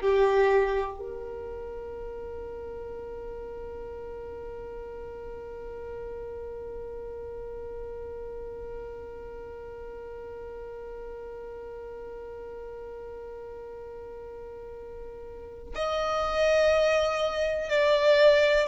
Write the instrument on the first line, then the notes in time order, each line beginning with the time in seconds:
violin
0.00 G4
0.98 A#4
15.75 D#5
17.69 D5